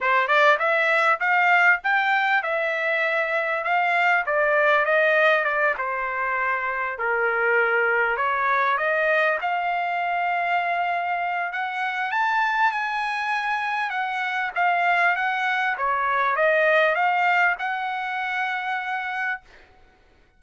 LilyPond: \new Staff \with { instrumentName = "trumpet" } { \time 4/4 \tempo 4 = 99 c''8 d''8 e''4 f''4 g''4 | e''2 f''4 d''4 | dis''4 d''8 c''2 ais'8~ | ais'4. cis''4 dis''4 f''8~ |
f''2. fis''4 | a''4 gis''2 fis''4 | f''4 fis''4 cis''4 dis''4 | f''4 fis''2. | }